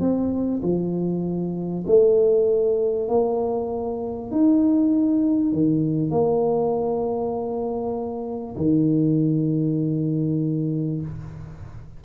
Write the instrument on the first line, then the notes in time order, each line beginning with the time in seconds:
tuba
0.00 C4
0.63 F3
1.87 A3
3.09 A#3
4.31 D#4
5.52 D#3
6.11 A#3
8.57 D#3